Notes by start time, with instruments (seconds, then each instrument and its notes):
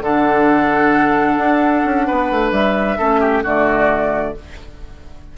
0.00 bassoon D3, clarinet D4, oboe A4, flute F#5
1.36 bassoon D4
1.84 bassoon C#4
2.07 bassoon B3, oboe B4
2.31 bassoon A3
2.51 bassoon G3, flute E5
2.98 bassoon A3, clarinet C#4, oboe A4
3.20 oboe G4
3.43 bassoon D3, clarinet A3, oboe F#4, flute D5